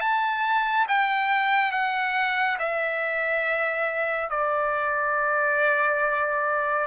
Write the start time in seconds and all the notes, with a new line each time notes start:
0.00 A5
0.88 G5
1.71 F#5
2.59 E5
4.30 D5